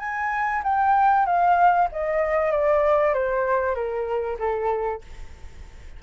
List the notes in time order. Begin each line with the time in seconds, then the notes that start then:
0.00 G#5
0.64 G5
1.26 F5
1.92 D#5
2.52 D5
3.14 C5
3.75 A#4
4.39 A4